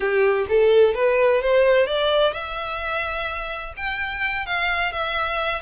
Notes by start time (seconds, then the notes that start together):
0.00 G4
0.48 A4
0.94 B4
1.41 C5
1.86 D5
2.33 E5
3.76 G5
4.46 F5
4.92 E5